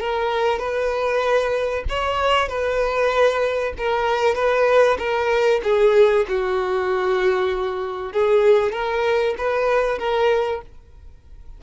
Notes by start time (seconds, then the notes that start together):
0.00 A#4
0.59 B4
1.89 C#5
2.49 B4
3.78 A#4
4.35 B4
4.99 A#4
5.63 G#4
6.28 F#4
8.12 G#4
8.72 A#4
9.38 B4
9.99 A#4